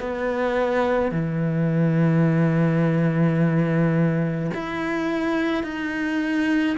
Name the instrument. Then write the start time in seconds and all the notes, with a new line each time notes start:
cello
0.00 B3
1.11 E3
4.54 E4
5.63 D#4